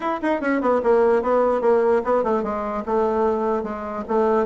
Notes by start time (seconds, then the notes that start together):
0.00 E4
0.22 D#4
0.41 C#4
0.61 B3
0.83 A#3
1.22 B3
1.61 A#3
2.04 B3
2.23 A3
2.43 G#3
2.85 A3
3.63 G#3
4.07 A3